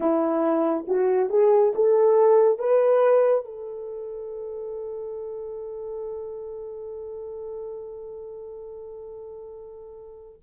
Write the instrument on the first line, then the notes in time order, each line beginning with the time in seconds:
horn
0.00 E4
0.87 F#4
1.29 G#4
1.75 A4
2.58 B4
3.45 A4